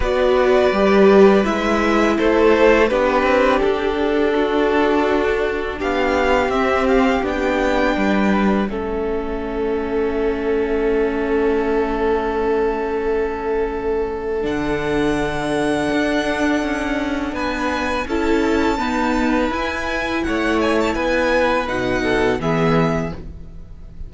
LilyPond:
<<
  \new Staff \with { instrumentName = "violin" } { \time 4/4 \tempo 4 = 83 d''2 e''4 c''4 | b'4 a'2. | f''4 e''8 f''8 g''2 | e''1~ |
e''1 | fis''1 | gis''4 a''2 gis''4 | fis''8 gis''16 a''16 gis''4 fis''4 e''4 | }
  \new Staff \with { instrumentName = "violin" } { \time 4/4 b'2. a'4 | g'2 fis'2 | g'2. b'4 | a'1~ |
a'1~ | a'1 | b'4 a'4 b'2 | cis''4 b'4. a'8 gis'4 | }
  \new Staff \with { instrumentName = "viola" } { \time 4/4 fis'4 g'4 e'2 | d'1~ | d'4 c'4 d'2 | cis'1~ |
cis'1 | d'1~ | d'4 e'4 b4 e'4~ | e'2 dis'4 b4 | }
  \new Staff \with { instrumentName = "cello" } { \time 4/4 b4 g4 gis4 a4 | b8 c'8 d'2. | b4 c'4 b4 g4 | a1~ |
a1 | d2 d'4 cis'4 | b4 cis'4 dis'4 e'4 | a4 b4 b,4 e4 | }
>>